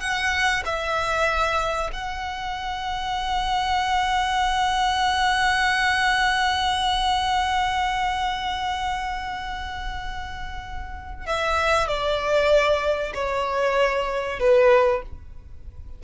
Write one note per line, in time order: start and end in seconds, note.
0.00 0.62 F#5
0.65 1.90 E5
1.92 11.26 F#5
11.26 11.88 E5
11.88 13.12 D5
13.14 14.39 C#5
14.39 15.02 B4